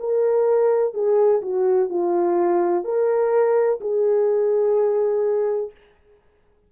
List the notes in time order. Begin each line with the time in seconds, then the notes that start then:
0.00 A#4
0.94 G#4
1.42 F#4
1.89 F4
2.84 A#4
3.81 G#4